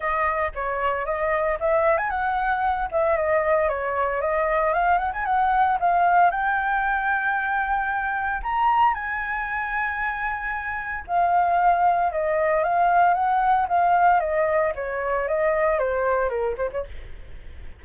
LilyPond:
\new Staff \with { instrumentName = "flute" } { \time 4/4 \tempo 4 = 114 dis''4 cis''4 dis''4 e''8. gis''16 | fis''4. e''8 dis''4 cis''4 | dis''4 f''8 fis''16 gis''16 fis''4 f''4 | g''1 |
ais''4 gis''2.~ | gis''4 f''2 dis''4 | f''4 fis''4 f''4 dis''4 | cis''4 dis''4 c''4 ais'8 c''16 cis''16 | }